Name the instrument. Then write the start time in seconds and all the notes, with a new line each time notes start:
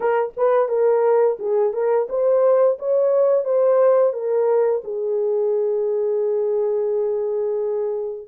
horn
0.00 A#4
0.36 B4
0.68 A#4
1.39 G#4
1.73 A#4
2.09 C5
2.78 C#5
3.44 C5
4.13 A#4
4.84 G#4